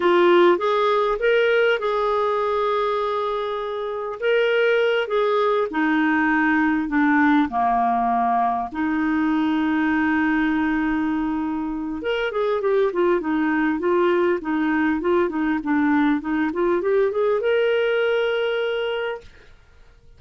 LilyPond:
\new Staff \with { instrumentName = "clarinet" } { \time 4/4 \tempo 4 = 100 f'4 gis'4 ais'4 gis'4~ | gis'2. ais'4~ | ais'8 gis'4 dis'2 d'8~ | d'8 ais2 dis'4.~ |
dis'1 | ais'8 gis'8 g'8 f'8 dis'4 f'4 | dis'4 f'8 dis'8 d'4 dis'8 f'8 | g'8 gis'8 ais'2. | }